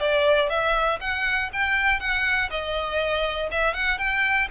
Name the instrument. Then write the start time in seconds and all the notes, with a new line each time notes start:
violin
0.00 D5
0.50 E5
1.01 F#5
1.53 G5
2.00 F#5
2.51 D#5
3.51 E5
3.74 F#5
3.98 G5